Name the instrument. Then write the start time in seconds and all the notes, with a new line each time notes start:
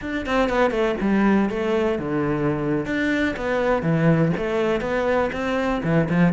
cello
0.01 D4
0.25 C4
0.49 B3
0.70 A3
1.00 G3
1.49 A3
1.98 D3
2.85 D4
3.36 B3
3.82 E3
4.36 A3
4.81 B3
5.32 C4
5.83 E3
6.09 F3